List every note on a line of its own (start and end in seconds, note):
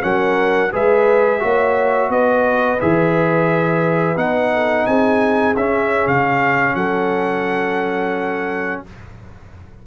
0.00 0.72 F#3
0.00 0.69 C#4
0.00 0.72 A#4
0.00 0.71 F#5
0.72 1.42 G#3
0.72 1.39 G#4
0.72 1.41 B4
0.72 2.11 E5
1.39 2.09 A#3
1.39 2.77 F#4
1.39 2.10 C#5
2.09 2.78 B3
2.09 4.53 B4
2.09 2.80 D#5
2.80 4.16 E3
2.80 4.16 G#4
2.80 4.17 E5
4.16 4.85 B3
4.16 5.54 D#4
4.16 4.85 F#5
4.53 4.86 A4
4.85 5.55 C4
4.85 6.75 G#4
4.85 5.54 G#5
5.56 6.06 C#4
5.56 8.86 C#4
5.56 6.07 E5
6.06 6.75 C#3
6.06 6.75 F5
6.75 8.81 F#3
6.75 8.82 A4
6.75 8.82 F#5